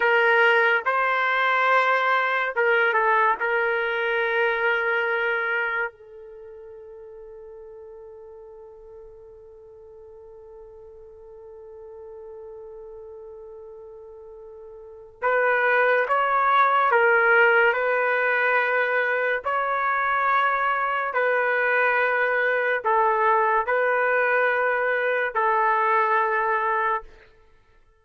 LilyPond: \new Staff \with { instrumentName = "trumpet" } { \time 4/4 \tempo 4 = 71 ais'4 c''2 ais'8 a'8 | ais'2. a'4~ | a'1~ | a'1~ |
a'2 b'4 cis''4 | ais'4 b'2 cis''4~ | cis''4 b'2 a'4 | b'2 a'2 | }